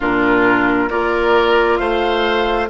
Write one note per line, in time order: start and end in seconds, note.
0.00 0.90 A#2
0.00 0.89 D4
0.00 0.89 F4
0.00 0.90 A#4
0.89 1.79 A#3
0.89 2.68 F4
0.89 1.79 A#4
0.89 1.77 D5
1.77 2.69 A3
1.77 2.69 C5
1.77 2.67 F5